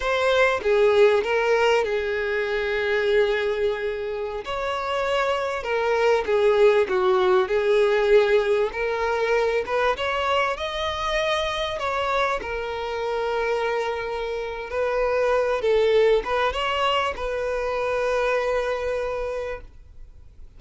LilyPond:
\new Staff \with { instrumentName = "violin" } { \time 4/4 \tempo 4 = 98 c''4 gis'4 ais'4 gis'4~ | gis'2.~ gis'16 cis''8.~ | cis''4~ cis''16 ais'4 gis'4 fis'8.~ | fis'16 gis'2 ais'4. b'16~ |
b'16 cis''4 dis''2 cis''8.~ | cis''16 ais'2.~ ais'8. | b'4. a'4 b'8 cis''4 | b'1 | }